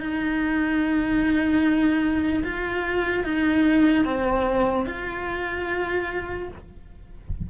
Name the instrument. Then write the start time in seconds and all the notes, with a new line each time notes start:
cello
0.00 D#4
2.44 F4
3.24 D#4
4.05 C4
4.86 F4